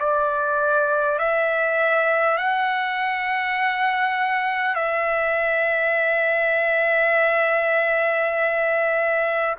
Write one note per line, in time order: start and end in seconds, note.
0.00 1.19 D5
1.19 2.38 E5
2.38 4.76 F#5
4.76 9.56 E5